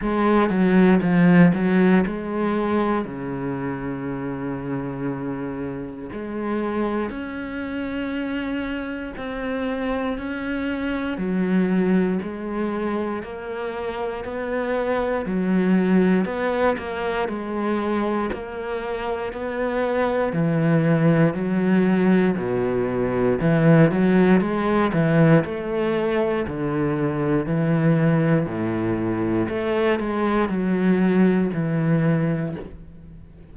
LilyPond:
\new Staff \with { instrumentName = "cello" } { \time 4/4 \tempo 4 = 59 gis8 fis8 f8 fis8 gis4 cis4~ | cis2 gis4 cis'4~ | cis'4 c'4 cis'4 fis4 | gis4 ais4 b4 fis4 |
b8 ais8 gis4 ais4 b4 | e4 fis4 b,4 e8 fis8 | gis8 e8 a4 d4 e4 | a,4 a8 gis8 fis4 e4 | }